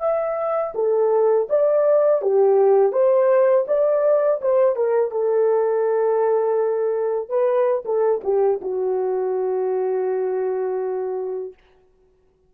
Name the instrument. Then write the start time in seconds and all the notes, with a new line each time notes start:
horn
0.00 E5
0.75 A4
1.49 D5
2.22 G4
2.92 C5
3.68 D5
4.42 C5
4.76 A#4
5.11 A4
7.29 B4
7.85 A4
8.24 G4
8.61 F#4